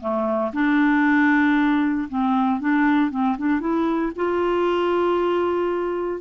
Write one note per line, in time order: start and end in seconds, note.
0.00 0.52 A3
0.53 2.08 D4
2.09 2.60 C4
2.60 3.10 D4
3.10 3.36 C4
3.38 3.60 D4
3.60 4.12 E4
4.16 6.21 F4